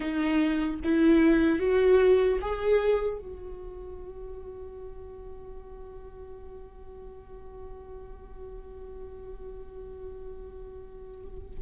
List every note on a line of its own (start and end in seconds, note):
0.00 0.80 D#4
0.84 1.59 E4
1.59 2.39 F#4
2.41 3.18 G#4
3.18 11.58 F#4